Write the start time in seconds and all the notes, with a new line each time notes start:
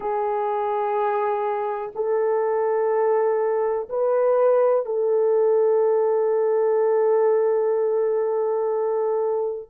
0.00 G#4
1.95 A4
3.89 B4
4.85 A4